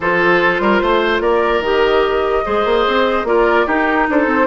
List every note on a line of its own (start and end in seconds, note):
0.00 0.59 F3
0.00 1.64 F4
0.00 0.61 A4
0.00 1.21 C5
0.59 0.80 G3
0.59 0.82 A#4
0.82 1.20 A3
0.82 1.22 C5
1.20 1.60 A#3
1.20 2.44 A#4
1.20 1.62 D5
1.60 2.41 D#3
1.60 2.44 G4
1.60 3.27 D#5
2.44 2.65 G#3
2.44 3.25 G#4
2.44 3.27 C5
2.65 2.85 A#3
2.87 3.23 C4
3.23 3.64 A#3
3.23 3.66 F4
3.23 3.66 A#4
3.23 3.67 D5
3.66 4.07 D#4
3.66 4.47 D#4
3.66 4.07 G4
3.66 4.08 A#4
4.09 4.26 D4
4.09 4.47 A4
4.09 4.47 C5
4.26 4.47 C4